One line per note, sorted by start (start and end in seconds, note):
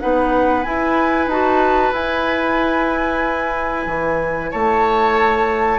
0.00 0.65 B3
0.00 0.65 D#4
0.00 4.51 B4
0.00 0.64 F#5
0.64 1.29 E4
0.64 1.27 E4
0.64 1.28 G#5
1.27 1.92 D#4
1.27 1.94 F#4
1.27 1.94 A5
1.92 3.86 E4
1.92 5.79 E4
1.92 4.52 G#5
3.87 4.51 E3
4.51 5.79 A3
4.51 5.79 C#5
4.51 5.79 A5